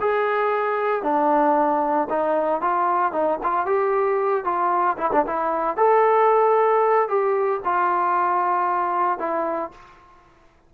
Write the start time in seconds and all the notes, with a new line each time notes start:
0.00 G#4
1.02 D4
2.09 D#4
2.61 F4
3.12 D#4
3.43 F4
3.66 G4
4.44 F4
4.97 E4
5.12 D4
5.26 E4
5.76 A4
7.08 G4
7.64 F4
9.18 E4